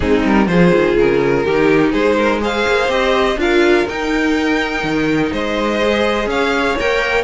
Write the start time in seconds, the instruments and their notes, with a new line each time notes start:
0.00 cello G#3, viola C4, violin D#4 G#4
0.24 cello G3, violin A#4
0.47 cello F3, viola F4, violin G#4 C5
0.73 cello D#3
0.96 cello C#3, violin A#4
1.44 cello D#3, viola D#4, violin G4
1.91 cello G#3, violin G#4 C5
2.17 violin A#4
2.40 viola G#4, violin C5 F5
2.67 cello A#3
2.88 cello C4, viola G4, violin D#5
3.36 cello D4, viola F4, violin A#4 F5
3.88 cello D#4, viola D#4, violin G5
4.83 cello D#3
5.32 cello G#3, violin C5 D#5
5.82 viola G#4
6.26 cello C#4, violin C#5 F5
6.79 cello A#3, viola A#4, violin G5